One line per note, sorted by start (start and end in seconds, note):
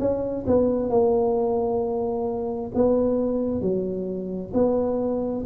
0.00 0.45 C#4
0.48 0.90 B3
0.90 2.72 A#3
2.75 3.62 B3
3.62 4.52 F#3
4.54 5.45 B3